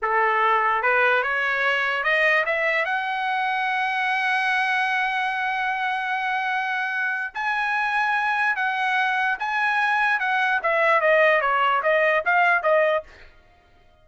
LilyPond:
\new Staff \with { instrumentName = "trumpet" } { \time 4/4 \tempo 4 = 147 a'2 b'4 cis''4~ | cis''4 dis''4 e''4 fis''4~ | fis''1~ | fis''1~ |
fis''2 gis''2~ | gis''4 fis''2 gis''4~ | gis''4 fis''4 e''4 dis''4 | cis''4 dis''4 f''4 dis''4 | }